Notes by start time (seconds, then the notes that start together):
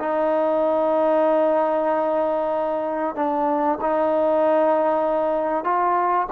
0.00 D#4
3.16 D4
3.82 D#4
5.65 F4